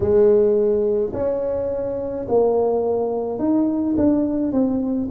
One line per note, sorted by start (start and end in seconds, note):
0.00 1.12 G#3
1.13 2.26 C#4
2.28 3.39 A#3
3.39 3.95 D#4
3.97 4.52 D4
4.52 5.08 C4